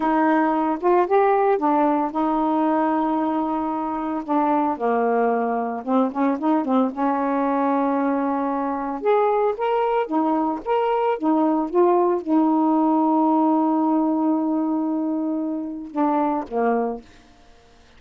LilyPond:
\new Staff \with { instrumentName = "saxophone" } { \time 4/4 \tempo 4 = 113 dis'4. f'8 g'4 d'4 | dis'1 | d'4 ais2 c'8 cis'8 | dis'8 c'8 cis'2.~ |
cis'4 gis'4 ais'4 dis'4 | ais'4 dis'4 f'4 dis'4~ | dis'1~ | dis'2 d'4 ais4 | }